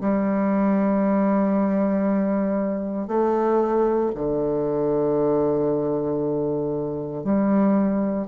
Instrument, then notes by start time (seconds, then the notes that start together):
bassoon
0.00 G3
3.08 A3
4.14 D3
7.24 G3